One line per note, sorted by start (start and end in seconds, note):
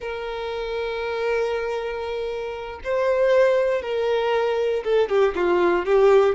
0.00 2.80 A#4
2.84 3.81 C5
3.81 4.83 A#4
4.84 5.09 A4
5.09 5.34 G4
5.35 5.85 F4
5.85 6.35 G4